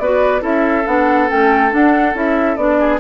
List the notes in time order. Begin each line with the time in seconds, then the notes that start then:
0.00 B3 F#4 B4 D5
0.40 C#4 E4 A4 E5
0.87 B3 D4 F#5
1.29 A3 C#4 G5
1.71 D4 F#5
2.14 C#4 E4 E5
2.57 B3 D4 D5
2.80 G#4